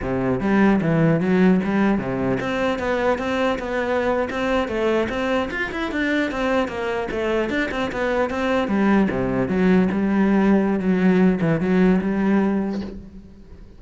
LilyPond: \new Staff \with { instrumentName = "cello" } { \time 4/4 \tempo 4 = 150 c4 g4 e4 fis4 | g4 c4 c'4 b4 | c'4 b4.~ b16 c'4 a16~ | a8. c'4 f'8 e'8 d'4 c'16~ |
c'8. ais4 a4 d'8 c'8 b16~ | b8. c'4 g4 c4 fis16~ | fis8. g2~ g16 fis4~ | fis8 e8 fis4 g2 | }